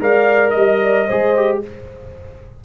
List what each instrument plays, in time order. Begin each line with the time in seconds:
0.00 tuba G#3, trombone A#4, horn D5, trumpet F5
0.50 tuba G3, trumpet D#5, horn D#5
0.83 horn D5
1.07 tuba G#3, trombone G#4, horn C5
1.36 trombone G4